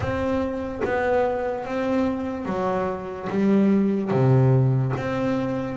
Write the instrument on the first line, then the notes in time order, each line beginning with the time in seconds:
double bass
0.00 C4
0.84 B3
1.64 C4
2.45 F#3
3.29 G3
4.10 C3
4.97 C4